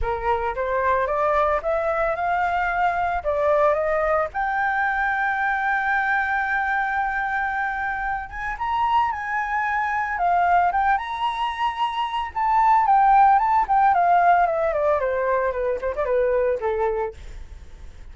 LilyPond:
\new Staff \with { instrumentName = "flute" } { \time 4/4 \tempo 4 = 112 ais'4 c''4 d''4 e''4 | f''2 d''4 dis''4 | g''1~ | g''2.~ g''8 gis''8 |
ais''4 gis''2 f''4 | g''8 ais''2~ ais''8 a''4 | g''4 a''8 g''8 f''4 e''8 d''8 | c''4 b'8 c''16 d''16 b'4 a'4 | }